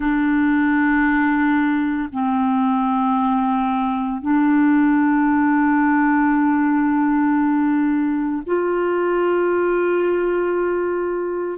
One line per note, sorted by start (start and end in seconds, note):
0.00 2.09 D4
2.12 4.21 C4
4.21 8.42 D4
8.46 11.58 F4